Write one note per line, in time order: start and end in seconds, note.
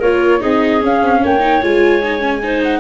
0.00 0.42 A#3
0.00 0.41 F4
0.00 0.40 A#4
0.00 0.42 C#5
0.40 0.83 C4
0.40 0.81 D#4
0.40 1.20 G#4
0.40 0.82 D#5
0.81 1.40 C#4
0.81 1.03 C#4
0.81 1.25 F5
1.03 1.23 C4
1.21 1.63 A#3
1.21 2.41 C#5
1.21 1.63 G5
1.40 1.60 D#4
1.62 2.80 G#3
1.62 2.02 F4
1.62 2.63 G#5
2.04 2.20 D#4
2.20 2.40 C#4
2.43 2.80 D#4
2.43 2.80 C5
2.63 2.80 F#5